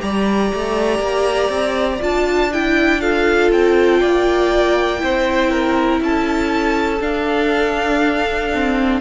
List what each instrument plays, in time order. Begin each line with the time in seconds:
0.00 cello G3, viola G4, violin D5 A#5
0.54 cello A3
1.00 cello A#3
1.50 cello C4
2.00 cello D4, viola F4, violin A5
2.53 viola E4, violin G5
3.01 viola F4, violin A4 F5
3.52 cello C4, violin G5
4.01 cello A#3, violin D5
4.99 cello C4, viola E4, violin C5
5.51 violin A#4
6.01 cello C#4, violin A4 A5
7.01 viola D4, cello D4, violin F5
8.55 viola C4